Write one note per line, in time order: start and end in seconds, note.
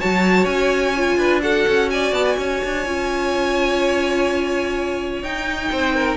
0.00 0.46 F#3
0.00 0.95 F#4
0.00 1.19 C#5
0.00 0.46 A5
0.46 1.17 C#4
0.46 1.41 G#5
0.98 1.42 F4
1.17 1.65 D4
1.17 1.42 B4
1.42 2.85 F#4
1.42 1.91 A4
1.42 1.90 F#5
1.68 2.13 C#4
1.91 2.38 D5
1.91 2.14 G#5
2.13 2.37 B3
2.13 2.26 A5
2.26 5.23 G#5
2.38 2.62 C#4
2.38 5.71 C#5
2.65 2.86 D4
2.86 5.23 C#4
2.86 5.24 F4
5.23 5.71 D#4
5.23 6.17 D#4
5.23 6.17 G5
5.72 6.17 C4
5.72 5.95 C5
5.95 6.17 A#4